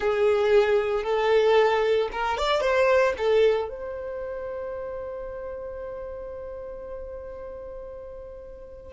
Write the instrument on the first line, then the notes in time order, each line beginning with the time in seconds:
violin
0.00 G#4
1.03 A4
2.11 A#4
2.37 D5
2.61 C5
3.17 A4
3.69 C5